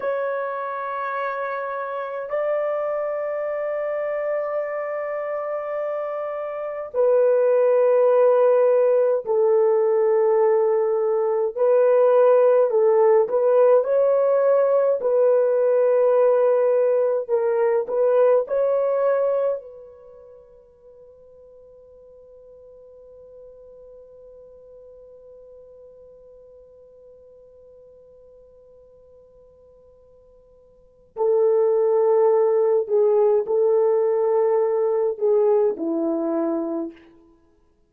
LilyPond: \new Staff \with { instrumentName = "horn" } { \time 4/4 \tempo 4 = 52 cis''2 d''2~ | d''2 b'2 | a'2 b'4 a'8 b'8 | cis''4 b'2 ais'8 b'8 |
cis''4 b'2.~ | b'1~ | b'2. a'4~ | a'8 gis'8 a'4. gis'8 e'4 | }